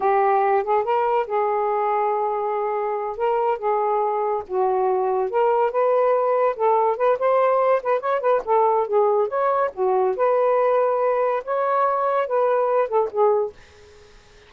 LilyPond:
\new Staff \with { instrumentName = "saxophone" } { \time 4/4 \tempo 4 = 142 g'4. gis'8 ais'4 gis'4~ | gis'2.~ gis'8 ais'8~ | ais'8 gis'2 fis'4.~ | fis'8 ais'4 b'2 a'8~ |
a'8 b'8 c''4. b'8 cis''8 b'8 | a'4 gis'4 cis''4 fis'4 | b'2. cis''4~ | cis''4 b'4. a'8 gis'4 | }